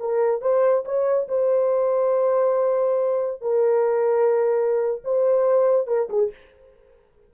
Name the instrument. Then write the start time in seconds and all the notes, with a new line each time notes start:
horn
0.00 A#4
0.42 C5
0.85 C#5
1.29 C5
3.42 A#4
5.05 C5
5.88 A#4
6.10 G#4